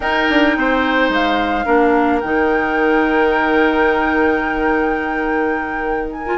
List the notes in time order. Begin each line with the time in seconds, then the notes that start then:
0.00 D#4 A#4 G5
0.29 D4
0.57 C4 C5
1.09 G#3 F5
1.65 A#3 D4 A#4
2.20 D#3 D#4 G5
6.12 G#5
6.26 F4